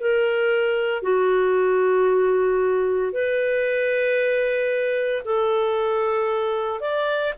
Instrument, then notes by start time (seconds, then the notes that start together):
clarinet
0.00 A#4
1.02 F#4
3.12 B4
5.25 A4
6.80 D5